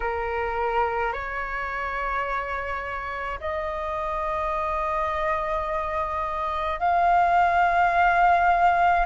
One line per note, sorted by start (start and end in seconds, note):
0.00 1.13 A#4
1.13 3.39 C#5
3.40 6.79 D#5
6.79 9.06 F5